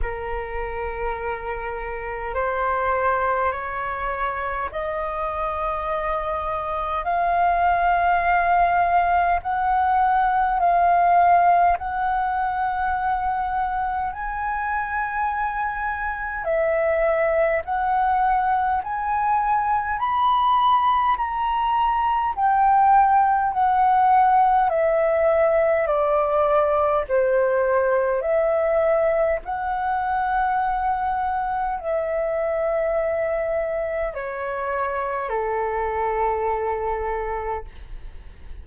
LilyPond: \new Staff \with { instrumentName = "flute" } { \time 4/4 \tempo 4 = 51 ais'2 c''4 cis''4 | dis''2 f''2 | fis''4 f''4 fis''2 | gis''2 e''4 fis''4 |
gis''4 b''4 ais''4 g''4 | fis''4 e''4 d''4 c''4 | e''4 fis''2 e''4~ | e''4 cis''4 a'2 | }